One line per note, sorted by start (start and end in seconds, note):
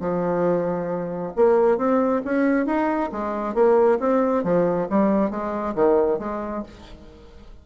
0.00 1.32 F3
1.36 1.77 A#3
1.77 2.22 C4
2.24 2.66 C#4
2.66 3.10 D#4
3.12 3.54 G#3
3.54 3.98 A#3
3.99 4.43 C4
4.43 4.87 F3
4.89 5.30 G3
5.30 5.74 G#3
5.75 6.19 D#3
6.19 6.63 G#3